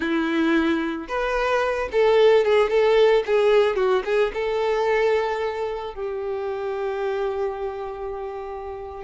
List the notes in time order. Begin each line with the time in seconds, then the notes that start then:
0.00 E4
1.07 B4
1.91 A4
2.44 G#4
2.69 A4
3.26 G#4
3.75 F#4
4.04 G#4
4.33 A4
5.94 G4